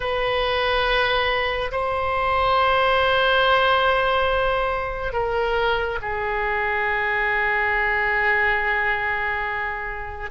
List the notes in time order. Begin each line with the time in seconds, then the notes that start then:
0.00 B4
1.71 C5
5.12 A#4
6.01 G#4